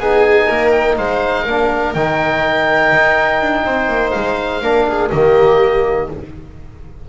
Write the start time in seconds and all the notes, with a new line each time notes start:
0.00 B3 D#4 G#4 G#5
0.48 A#3 A#4
0.72 G5
0.98 G#3 C5 F5
1.43 A#3 D4 A#4
1.94 D#3 D#4 G5
2.93 D#4
3.41 D4
3.65 C4 C5
3.88 A#3
4.11 G#3 F5
4.62 A#3 D4 A#4
4.88 G#4
5.11 D#3 A#3 G4 D#5